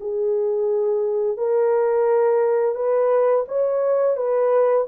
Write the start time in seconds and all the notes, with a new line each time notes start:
0.00 G#4
1.37 A#4
2.75 B4
3.48 C#5
4.17 B4